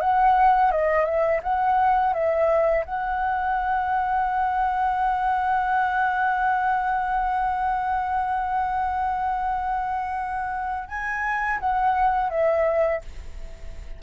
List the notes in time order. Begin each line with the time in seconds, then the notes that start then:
0.00 F#5
0.71 D#5
1.05 E5
1.43 F#5
2.13 E5
2.85 F#5
10.88 G#5
11.60 F#5
12.30 E5